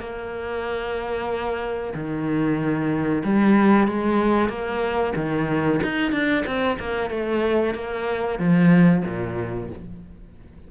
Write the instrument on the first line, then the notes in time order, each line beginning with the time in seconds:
cello
0.00 A#3
1.94 D#3
3.25 G3
3.87 G#3
4.49 A#3
5.16 D#3
5.83 D#4
6.12 D4
6.46 C4
6.79 A#3
7.11 A3
7.75 A#3
8.39 F3
9.05 A#2